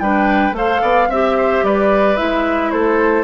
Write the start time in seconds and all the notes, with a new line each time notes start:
0.00 G3 D4 B4 G5
0.52 A3 A4 C5 F5
0.82 B3 D5
1.08 C4 G4 E5
1.38 C5
1.64 G3 B4 D5
2.17 G#3 E4 E5
2.71 A3 A4 C5